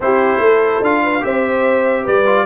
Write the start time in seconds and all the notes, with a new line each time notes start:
0.00 C4 E4 G4 C5
0.38 A3 A4
0.81 D4 F4 F5
1.03 B4
1.20 C4 G4 C5 E5
2.03 G3 B4 D5
2.26 F4